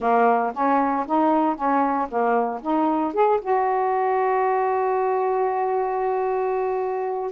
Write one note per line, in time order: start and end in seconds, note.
0.00 0.52 A#3
0.54 1.06 C#4
1.06 1.55 D#4
1.55 2.08 C#4
2.08 2.60 A#3
2.61 3.13 D#4
3.13 3.39 G#4
3.41 7.31 F#4